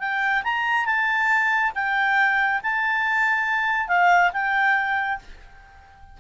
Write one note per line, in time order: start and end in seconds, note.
0.00 0.43 G5
0.44 0.86 A#5
0.86 1.72 A5
1.75 2.61 G5
2.63 3.88 A5
3.88 4.31 F5
4.33 5.20 G5